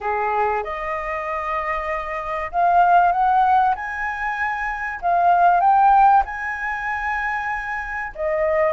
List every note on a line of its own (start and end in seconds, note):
0.00 0.63 G#4
0.63 2.51 D#5
2.51 3.12 F5
3.12 3.74 F#5
3.75 5.00 G#5
5.01 5.60 F5
5.60 6.23 G5
6.25 8.12 G#5
8.15 8.72 D#5